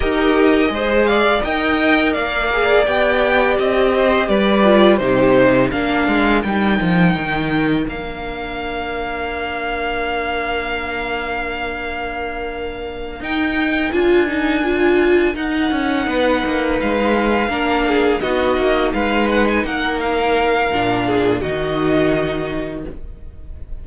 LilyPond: <<
  \new Staff \with { instrumentName = "violin" } { \time 4/4 \tempo 4 = 84 dis''4. f''8 g''4 f''4 | g''4 dis''4 d''4 c''4 | f''4 g''2 f''4~ | f''1~ |
f''2~ f''8 g''4 gis''8~ | gis''4. fis''2 f''8~ | f''4. dis''4 f''8 fis''16 gis''16 fis''8 | f''2 dis''2 | }
  \new Staff \with { instrumentName = "violin" } { \time 4/4 ais'4 c''8 d''8 dis''4 d''4~ | d''4. c''8 b'4 g'4 | ais'1~ | ais'1~ |
ais'1~ | ais'2~ ais'8 b'4.~ | b'8 ais'8 gis'8 fis'4 b'4 ais'8~ | ais'4. gis'8 fis'2 | }
  \new Staff \with { instrumentName = "viola" } { \time 4/4 g'4 gis'4 ais'4. gis'8 | g'2~ g'8 f'8 dis'4 | d'4 dis'2 d'4~ | d'1~ |
d'2~ d'8 dis'4 f'8 | dis'8 f'4 dis'2~ dis'8~ | dis'8 d'4 dis'2~ dis'8~ | dis'4 d'4 dis'2 | }
  \new Staff \with { instrumentName = "cello" } { \time 4/4 dis'4 gis4 dis'4 ais4 | b4 c'4 g4 c4 | ais8 gis8 g8 f8 dis4 ais4~ | ais1~ |
ais2~ ais8 dis'4 d'8~ | d'4. dis'8 cis'8 b8 ais8 gis8~ | gis8 ais4 b8 ais8 gis4 ais8~ | ais4 ais,4 dis2 | }
>>